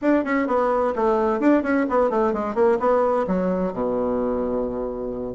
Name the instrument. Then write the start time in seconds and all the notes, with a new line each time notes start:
bassoon
0.01 D4
0.24 C#4
0.47 B3
0.95 A3
1.40 D4
1.62 C#4
1.89 B3
2.10 A3
2.33 G#3
2.55 A#3
2.79 B3
3.27 F#3
3.72 B2